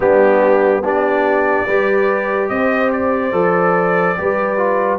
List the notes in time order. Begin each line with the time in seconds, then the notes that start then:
0.00 G3 B3 D4 G4
0.81 B3 D4 G4 D5
1.65 G3 G4 B4
2.48 C4 C5 D#5
2.92 D5
3.32 F3 A4
4.17 G3 G4 B4
4.57 F4